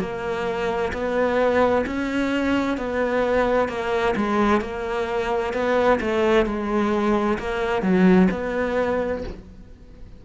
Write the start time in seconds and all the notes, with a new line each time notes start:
0.00 A#3
0.93 B3
1.86 C#4
2.77 B3
3.68 A#3
4.16 G#3
4.61 A#3
5.53 B3
6.00 A3
6.46 G#3
7.38 A#3
7.82 F#3
8.31 B3